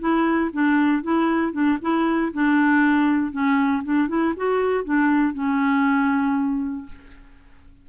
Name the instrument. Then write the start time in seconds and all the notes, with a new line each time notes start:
clarinet
0.00 E4
0.53 D4
1.03 E4
1.53 D4
1.82 E4
2.34 D4
3.32 C#4
3.84 D4
4.09 E4
4.37 F#4
4.84 D4
5.34 C#4